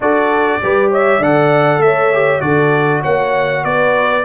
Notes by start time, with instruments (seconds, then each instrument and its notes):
0.00 tuba D4, trombone F#4, horn A4, trumpet D5
0.62 tuba G3, trombone G4, horn B4
0.90 horn C#5, trumpet E5
1.19 tuba D3, trombone A4, horn D5, trumpet F#5
1.78 tuba A3, horn C#5, trumpet E5
2.12 trombone G4
2.40 tuba D3, trombone F#4, horn A4, trumpet D5
3.01 tuba A#3, horn C#5, trumpet F#5
3.64 tuba B3, horn B4, trumpet D5